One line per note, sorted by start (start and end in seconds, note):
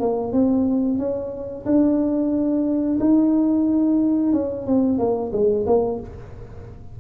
0.00 0.33 A#3
0.33 0.99 C4
0.99 1.65 C#4
1.66 2.99 D4
3.00 4.33 D#4
4.33 4.67 C#4
4.67 4.98 C4
4.98 5.32 A#3
5.33 5.66 G#3
5.67 6.00 A#3